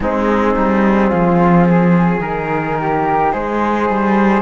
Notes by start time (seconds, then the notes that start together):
0.00 G#3 C4 D#4 G#4
0.56 G3
1.10 F3 F4
1.67 G#4
2.20 D#3 D#4 A#4
2.79 G4
3.32 G#3 G#4 C5
3.89 G3